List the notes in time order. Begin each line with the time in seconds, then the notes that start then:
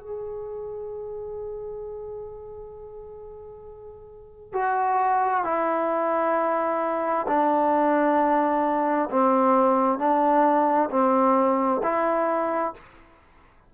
0.00 G#4
4.53 F#4
5.45 E4
7.28 D4
9.11 C4
9.99 D4
10.90 C4
11.83 E4